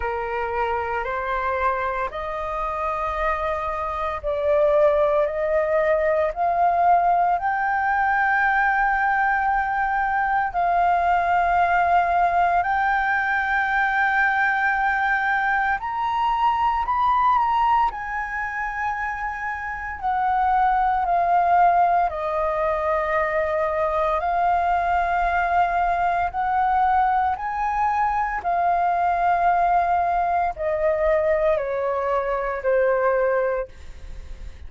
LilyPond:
\new Staff \with { instrumentName = "flute" } { \time 4/4 \tempo 4 = 57 ais'4 c''4 dis''2 | d''4 dis''4 f''4 g''4~ | g''2 f''2 | g''2. ais''4 |
b''8 ais''8 gis''2 fis''4 | f''4 dis''2 f''4~ | f''4 fis''4 gis''4 f''4~ | f''4 dis''4 cis''4 c''4 | }